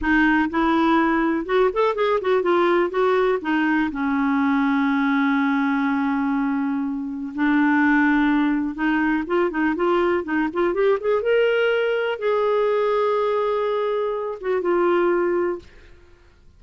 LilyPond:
\new Staff \with { instrumentName = "clarinet" } { \time 4/4 \tempo 4 = 123 dis'4 e'2 fis'8 a'8 | gis'8 fis'8 f'4 fis'4 dis'4 | cis'1~ | cis'2. d'4~ |
d'2 dis'4 f'8 dis'8 | f'4 dis'8 f'8 g'8 gis'8 ais'4~ | ais'4 gis'2.~ | gis'4. fis'8 f'2 | }